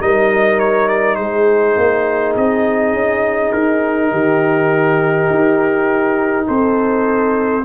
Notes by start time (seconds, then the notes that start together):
0.00 G3 D#4 A#4 D#5
0.60 C#5
0.89 D5
1.16 G#3 G#4 C5
1.77 A#3
2.37 C4 D#5
2.93 C#4
3.52 D#4 A#4
4.12 D#3 G4
5.30 D#4
6.47 C4 A4 C5